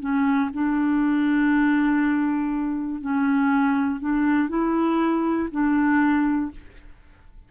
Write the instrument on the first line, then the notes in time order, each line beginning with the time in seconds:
clarinet
0.00 C#4
0.53 D4
3.01 C#4
4.00 D4
4.49 E4
5.51 D4